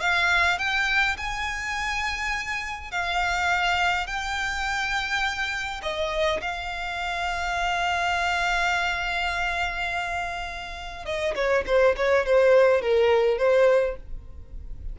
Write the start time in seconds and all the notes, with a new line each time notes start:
0.00 F5
0.58 G5
1.17 G#5
2.91 F5
4.06 G5
5.82 D#5
6.41 F5
11.05 D#5
11.35 C#5
11.66 C5
11.96 C#5
12.25 C5
12.81 A#4
13.38 C5